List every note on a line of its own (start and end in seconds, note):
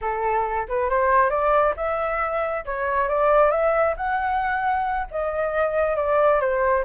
0.01 0.67 A4
0.68 0.89 B4
0.89 1.30 C5
1.30 1.74 D5
1.76 2.64 E5
2.65 3.08 C#5
3.08 3.50 D5
3.50 3.94 E5
3.96 5.07 F#5
5.10 5.96 D#5
5.96 6.40 D5
6.40 6.84 C5